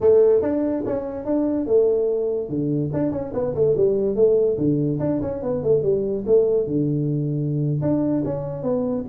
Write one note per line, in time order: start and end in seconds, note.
0.00 0.42 A3
0.42 0.83 D4
0.85 1.25 C#4
1.25 1.66 D4
1.66 2.49 A3
2.49 2.91 D3
2.93 3.11 D4
3.11 3.32 C#4
3.33 3.54 B3
3.55 3.75 A3
3.76 4.15 G3
4.15 4.57 A3
4.57 4.99 D3
4.99 5.20 D4
5.21 5.42 C#4
5.42 5.63 B3
5.63 5.82 A3
5.82 6.24 G3
6.26 6.66 A3
6.66 7.81 D3
7.81 8.23 D4
8.24 8.62 C#4
8.62 9.04 B3